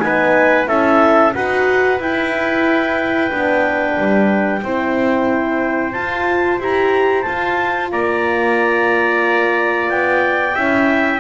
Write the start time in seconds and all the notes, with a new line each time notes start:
0.00 B3 D#4 B4 G#5
0.67 C#4 E4 A4 E5
1.35 D#4 F#4 B4 F#5
2.00 E4 G5
3.31 B3 D4
3.99 G3
4.63 C4 E4 C5
5.93 F4 A5
6.60 E4 G4 A#5
7.23 F4 A5
7.92 A#3 D5 A#5
9.90 B3 G5
10.55 C#4 E4 E5